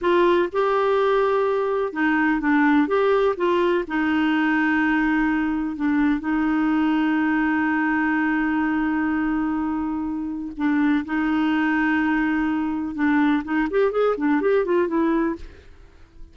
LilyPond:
\new Staff \with { instrumentName = "clarinet" } { \time 4/4 \tempo 4 = 125 f'4 g'2. | dis'4 d'4 g'4 f'4 | dis'1 | d'4 dis'2.~ |
dis'1~ | dis'2 d'4 dis'4~ | dis'2. d'4 | dis'8 g'8 gis'8 d'8 g'8 f'8 e'4 | }